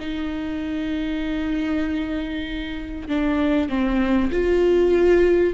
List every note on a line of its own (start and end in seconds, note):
0.00 3.08 D#4
3.08 3.69 D4
3.69 4.31 C4
4.32 5.54 F4